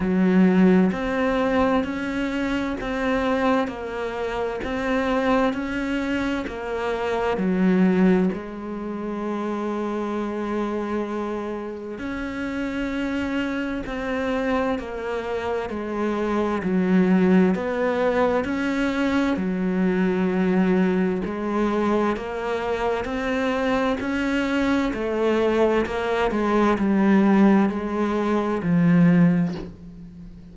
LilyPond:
\new Staff \with { instrumentName = "cello" } { \time 4/4 \tempo 4 = 65 fis4 c'4 cis'4 c'4 | ais4 c'4 cis'4 ais4 | fis4 gis2.~ | gis4 cis'2 c'4 |
ais4 gis4 fis4 b4 | cis'4 fis2 gis4 | ais4 c'4 cis'4 a4 | ais8 gis8 g4 gis4 f4 | }